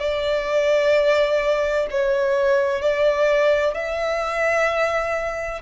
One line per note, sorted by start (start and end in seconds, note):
0.00 1.87 D5
1.91 2.82 C#5
2.82 3.75 D5
3.75 5.62 E5